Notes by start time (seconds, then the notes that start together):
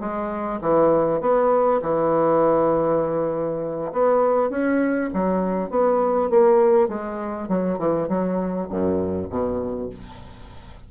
0.00 G#3
0.61 E3
1.21 B3
1.82 E3
3.93 B3
4.50 C#4
5.14 F#3
5.70 B3
6.30 A#3
6.88 G#3
7.49 F#3
7.79 E3
8.08 F#3
8.70 F#2
9.29 B2